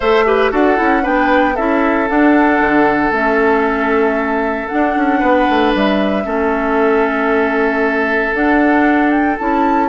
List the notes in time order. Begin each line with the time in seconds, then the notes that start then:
0.00 A3 A4 C5 E5
0.25 G4 B4
0.51 D4 F#4 A4 F#5
0.76 C#4 E4
1.01 B3 D4 B4 G5
1.54 C#4 E4 A4 E5
2.08 D4 F#5
2.60 D3
3.11 A3 C#4 E5
4.67 D4 F#5
4.73 D4
4.96 C#4
5.19 B3 B4
5.49 A3
5.74 G3 E5
6.24 A3 C#4 A4
8.33 D4 F#5
9.10 G5
9.38 C#4 E4 A5